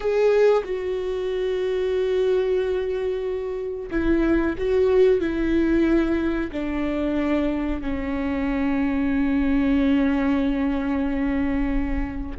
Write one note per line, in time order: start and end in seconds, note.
0.00 0.63 G#4
0.63 3.90 F#4
3.90 4.55 E4
4.58 5.20 F#4
5.20 6.50 E4
6.52 7.81 D4
7.81 12.37 C#4